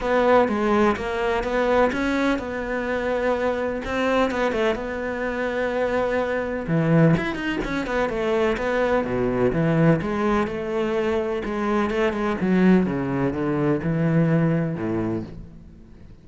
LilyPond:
\new Staff \with { instrumentName = "cello" } { \time 4/4 \tempo 4 = 126 b4 gis4 ais4 b4 | cis'4 b2. | c'4 b8 a8 b2~ | b2 e4 e'8 dis'8 |
cis'8 b8 a4 b4 b,4 | e4 gis4 a2 | gis4 a8 gis8 fis4 cis4 | d4 e2 a,4 | }